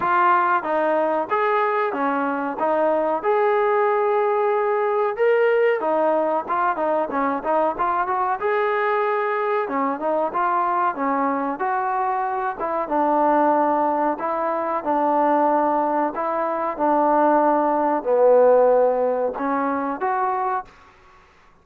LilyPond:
\new Staff \with { instrumentName = "trombone" } { \time 4/4 \tempo 4 = 93 f'4 dis'4 gis'4 cis'4 | dis'4 gis'2. | ais'4 dis'4 f'8 dis'8 cis'8 dis'8 | f'8 fis'8 gis'2 cis'8 dis'8 |
f'4 cis'4 fis'4. e'8 | d'2 e'4 d'4~ | d'4 e'4 d'2 | b2 cis'4 fis'4 | }